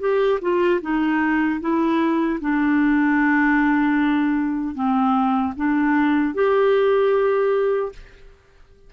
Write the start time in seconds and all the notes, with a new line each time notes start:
0.00 G4
0.41 F4
0.81 D#4
1.60 E4
2.41 D4
4.74 C4
5.56 D4
6.34 G4